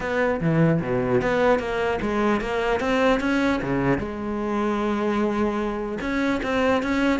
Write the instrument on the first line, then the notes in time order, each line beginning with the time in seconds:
cello
0.00 B3
0.40 E3
0.81 B2
1.21 B3
1.59 A#3
2.01 G#3
2.41 A#3
2.79 C4
3.20 C#4
3.62 C#3
3.98 G#3
6.00 C#4
6.42 C4
6.83 C#4